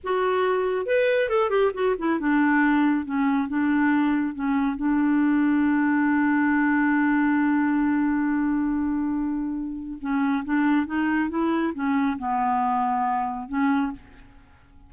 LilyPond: \new Staff \with { instrumentName = "clarinet" } { \time 4/4 \tempo 4 = 138 fis'2 b'4 a'8 g'8 | fis'8 e'8 d'2 cis'4 | d'2 cis'4 d'4~ | d'1~ |
d'1~ | d'2. cis'4 | d'4 dis'4 e'4 cis'4 | b2. cis'4 | }